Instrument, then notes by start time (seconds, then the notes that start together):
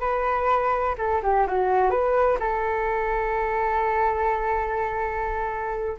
flute
0.00 B4
0.98 A4
1.23 G4
1.47 F#4
1.90 B4
2.39 A4